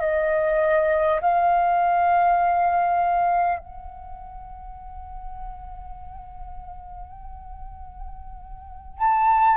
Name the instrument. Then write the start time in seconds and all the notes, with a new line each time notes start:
flute
0.00 D#5
1.21 F5
3.58 F#5
8.99 A5